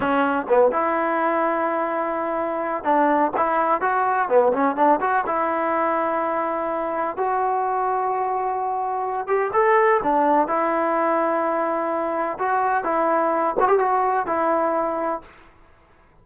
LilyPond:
\new Staff \with { instrumentName = "trombone" } { \time 4/4 \tempo 4 = 126 cis'4 b8 e'2~ e'8~ | e'2 d'4 e'4 | fis'4 b8 cis'8 d'8 fis'8 e'4~ | e'2. fis'4~ |
fis'2.~ fis'8 g'8 | a'4 d'4 e'2~ | e'2 fis'4 e'4~ | e'8 fis'16 g'16 fis'4 e'2 | }